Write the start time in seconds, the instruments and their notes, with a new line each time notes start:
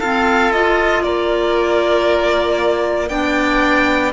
0.00 clarinet C4, cello F4, oboe A4, violin F5
0.52 clarinet F4, violin D#5
1.04 cello A#3, oboe A#4, violin D5
3.09 cello B3, clarinet D4, oboe D5, violin G5